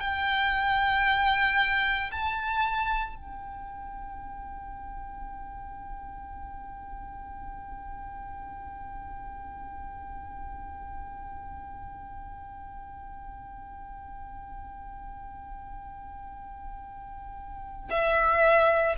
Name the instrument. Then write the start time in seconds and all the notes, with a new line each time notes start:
violin
0.00 G5
2.11 A5
3.16 G5
17.90 E5